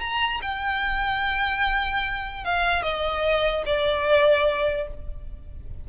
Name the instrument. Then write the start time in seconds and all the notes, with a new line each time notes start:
violin
0.00 A#5
0.41 G5
2.44 F5
2.82 D#5
3.66 D5